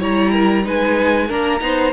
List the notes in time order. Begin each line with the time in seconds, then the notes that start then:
0.00 G3 E4 C#5 A#5
0.33 A#4
0.64 G#3 D#4 B4 G#5
1.27 A#3 D4 A#4 A#5
1.60 B3 D#4 C5